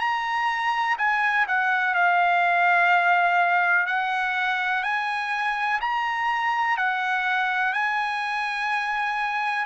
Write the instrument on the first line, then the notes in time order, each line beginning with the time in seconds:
trumpet
0.00 A#5
0.98 G#5
1.48 F#5
1.94 F5
3.87 F#5
4.83 G#5
5.82 A#5
6.77 F#5
7.73 G#5